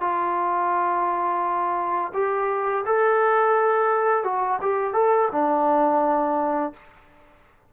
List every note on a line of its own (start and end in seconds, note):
0.00 2.12 F4
2.14 2.84 G4
2.85 4.24 A4
4.24 4.59 F#4
4.61 4.93 G4
4.93 5.28 A4
5.31 6.73 D4